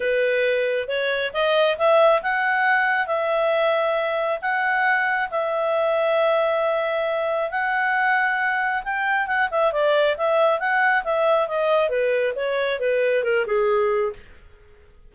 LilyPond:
\new Staff \with { instrumentName = "clarinet" } { \time 4/4 \tempo 4 = 136 b'2 cis''4 dis''4 | e''4 fis''2 e''4~ | e''2 fis''2 | e''1~ |
e''4 fis''2. | g''4 fis''8 e''8 d''4 e''4 | fis''4 e''4 dis''4 b'4 | cis''4 b'4 ais'8 gis'4. | }